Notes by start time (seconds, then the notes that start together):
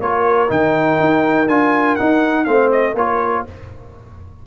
0.00 A#3 F4 A#4 C#5
0.48 D#3 D#4 G5
0.99 D#4
1.48 D4 F4 G#5
1.95 D#4 F#5
2.44 A3 C4 C5 F5
2.71 D#5
2.93 A#3 F4 A#4 C#5